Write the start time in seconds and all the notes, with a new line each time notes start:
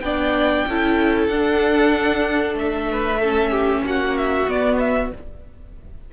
0.00 B3 D4 D5 G5
0.67 C#4 E4 A4
1.27 D4 F#5
2.54 A3 E5
2.91 B4
3.20 C#4 A4
3.50 G4
3.83 A#3 F#4 F#5
4.18 E5
4.48 B3 D5
4.79 E5